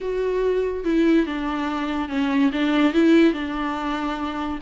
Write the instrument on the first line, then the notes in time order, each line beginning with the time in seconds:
viola
0.01 F#4
0.84 E4
1.26 D4
2.09 C#4
2.52 D4
2.93 E4
3.33 D4